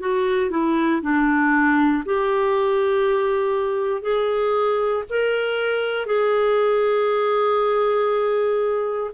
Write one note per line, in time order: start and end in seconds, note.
0.00 0.51 F#4
0.51 1.02 E4
1.02 2.04 D4
2.05 4.02 G4
4.02 5.04 G#4
5.10 6.06 A#4
6.06 9.11 G#4